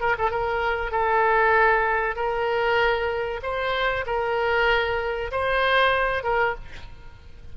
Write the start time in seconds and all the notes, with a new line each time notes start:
0.00 A#4
0.18 A4
0.30 A#4
0.91 A4
2.15 A#4
3.42 C5
4.06 A#4
5.31 C5
6.23 A#4